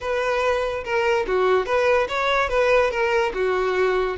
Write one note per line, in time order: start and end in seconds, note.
0.00 0.84 B4
0.84 1.26 A#4
1.27 1.66 F#4
1.66 2.07 B4
2.08 2.49 C#5
2.49 2.91 B4
2.91 3.32 A#4
3.34 4.17 F#4